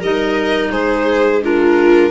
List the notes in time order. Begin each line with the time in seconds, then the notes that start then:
0.00 G3 D#4 A#4 D#5
0.71 G#3 G#4 C5
1.42 D4 F4 A#4